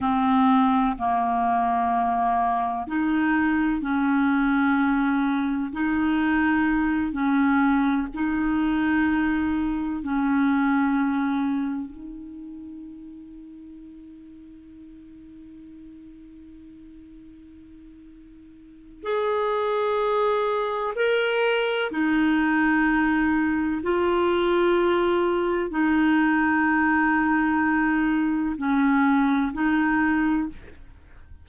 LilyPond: \new Staff \with { instrumentName = "clarinet" } { \time 4/4 \tempo 4 = 63 c'4 ais2 dis'4 | cis'2 dis'4. cis'8~ | cis'8 dis'2 cis'4.~ | cis'8 dis'2.~ dis'8~ |
dis'1 | gis'2 ais'4 dis'4~ | dis'4 f'2 dis'4~ | dis'2 cis'4 dis'4 | }